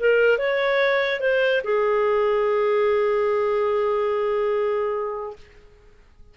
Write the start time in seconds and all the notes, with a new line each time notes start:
0.00 A#4
0.39 C#5
1.21 C5
1.64 G#4